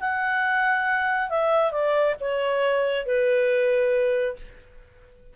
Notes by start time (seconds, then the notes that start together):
0.00 F#5
1.29 E5
1.71 D5
2.20 C#5
3.06 B4